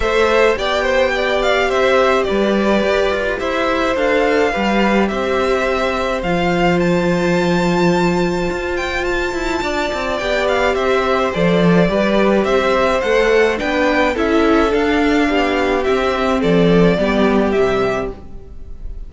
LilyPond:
<<
  \new Staff \with { instrumentName = "violin" } { \time 4/4 \tempo 4 = 106 e''4 g''4. f''8 e''4 | d''2 e''4 f''4~ | f''4 e''2 f''4 | a''2.~ a''8 g''8 |
a''2 g''8 f''8 e''4 | d''2 e''4 fis''4 | g''4 e''4 f''2 | e''4 d''2 e''4 | }
  \new Staff \with { instrumentName = "violin" } { \time 4/4 c''4 d''8 c''8 d''4 c''4 | b'2 c''2 | b'4 c''2.~ | c''1~ |
c''4 d''2 c''4~ | c''4 b'4 c''2 | b'4 a'2 g'4~ | g'4 a'4 g'2 | }
  \new Staff \with { instrumentName = "viola" } { \time 4/4 a'4 g'2.~ | g'2. a'4 | g'2. f'4~ | f'1~ |
f'2 g'2 | a'4 g'2 a'4 | d'4 e'4 d'2 | c'2 b4 g4 | }
  \new Staff \with { instrumentName = "cello" } { \time 4/4 a4 b2 c'4 | g4 g'8 f'8 e'4 d'4 | g4 c'2 f4~ | f2. f'4~ |
f'8 e'8 d'8 c'8 b4 c'4 | f4 g4 c'4 a4 | b4 cis'4 d'4 b4 | c'4 f4 g4 c4 | }
>>